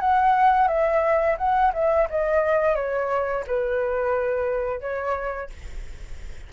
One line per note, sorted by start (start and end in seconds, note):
0.00 0.67 F#5
0.67 1.36 E5
1.38 1.72 F#5
1.73 2.08 E5
2.10 2.75 D#5
2.75 3.44 C#5
3.47 4.81 B4
4.81 5.50 C#5